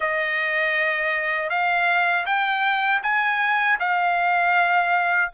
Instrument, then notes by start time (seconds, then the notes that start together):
trumpet
0.00 D#5
1.49 F5
2.26 G5
3.02 G#5
3.79 F5